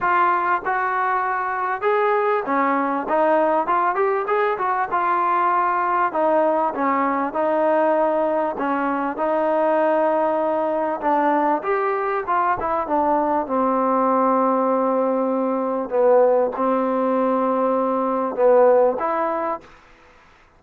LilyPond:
\new Staff \with { instrumentName = "trombone" } { \time 4/4 \tempo 4 = 98 f'4 fis'2 gis'4 | cis'4 dis'4 f'8 g'8 gis'8 fis'8 | f'2 dis'4 cis'4 | dis'2 cis'4 dis'4~ |
dis'2 d'4 g'4 | f'8 e'8 d'4 c'2~ | c'2 b4 c'4~ | c'2 b4 e'4 | }